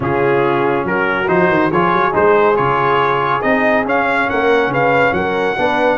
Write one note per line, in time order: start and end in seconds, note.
0.00 0.84 C#3
0.00 1.26 C#4
0.00 0.87 F4
0.00 0.86 G#4
0.84 1.26 F#3
0.84 1.71 F#4
0.84 1.28 A#4
1.28 1.48 F3
1.28 1.71 D#4
1.28 1.71 C5
1.48 1.70 D#3
1.71 1.92 F3
1.71 2.11 F4
1.71 4.28 G#4
1.71 2.14 C#5
1.92 2.14 F#3
2.11 2.58 G#3
2.11 2.54 D#4
2.11 2.56 C5
2.55 3.43 C#3
2.55 3.41 F4
2.55 3.41 C#5
3.41 3.85 C4
3.41 3.85 D#4
3.41 3.84 D#5
3.85 4.28 C#4
3.85 5.56 C#4
3.85 4.29 F5
4.29 4.67 A#3
4.29 4.72 A#4
4.29 4.72 F#5
4.67 5.10 C#3
4.67 5.15 B4
4.67 5.13 F5
5.12 5.55 F#3
5.12 5.57 A#4
5.12 5.97 F#5
5.57 5.97 B3
5.57 5.97 D4
5.57 5.97 B4